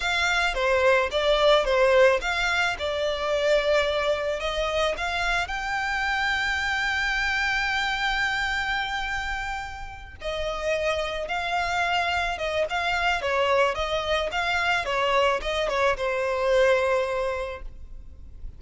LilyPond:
\new Staff \with { instrumentName = "violin" } { \time 4/4 \tempo 4 = 109 f''4 c''4 d''4 c''4 | f''4 d''2. | dis''4 f''4 g''2~ | g''1~ |
g''2~ g''8 dis''4.~ | dis''8 f''2 dis''8 f''4 | cis''4 dis''4 f''4 cis''4 | dis''8 cis''8 c''2. | }